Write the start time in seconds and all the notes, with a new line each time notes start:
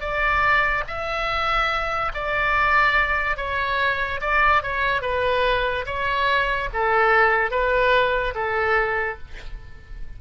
0.00 D5
0.87 E5
2.14 D5
3.37 C#5
4.21 D5
4.63 C#5
5.02 B4
5.86 C#5
6.73 A4
7.51 B4
8.34 A4